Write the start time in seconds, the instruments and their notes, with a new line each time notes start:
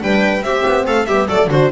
0.00 double bass G3, horn D4, viola B4, violin G5
0.42 double bass C4, horn C4, viola G4, violin E5
0.66 double bass B3
0.86 double bass A3, viola A4, violin F5
1.05 double bass G3, horn B3, viola G4, violin E5
1.28 double bass F#3, horn A3, viola A4, violin D5
1.47 double bass D3, horn D4, viola F#4, violin C5